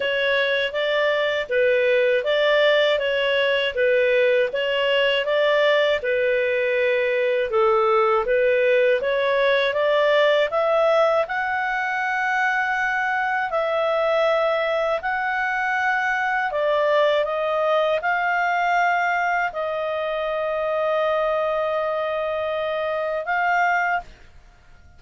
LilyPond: \new Staff \with { instrumentName = "clarinet" } { \time 4/4 \tempo 4 = 80 cis''4 d''4 b'4 d''4 | cis''4 b'4 cis''4 d''4 | b'2 a'4 b'4 | cis''4 d''4 e''4 fis''4~ |
fis''2 e''2 | fis''2 d''4 dis''4 | f''2 dis''2~ | dis''2. f''4 | }